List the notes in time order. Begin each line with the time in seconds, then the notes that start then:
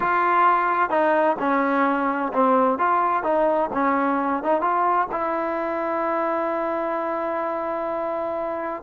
0.00 F4
0.90 D#4
1.39 C#4
2.33 C4
2.78 F4
3.23 D#4
3.73 C#4
4.43 D#4
4.61 F4
5.11 E4